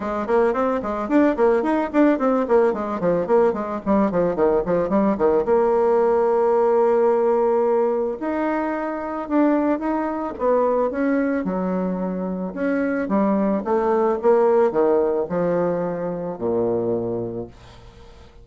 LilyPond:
\new Staff \with { instrumentName = "bassoon" } { \time 4/4 \tempo 4 = 110 gis8 ais8 c'8 gis8 d'8 ais8 dis'8 d'8 | c'8 ais8 gis8 f8 ais8 gis8 g8 f8 | dis8 f8 g8 dis8 ais2~ | ais2. dis'4~ |
dis'4 d'4 dis'4 b4 | cis'4 fis2 cis'4 | g4 a4 ais4 dis4 | f2 ais,2 | }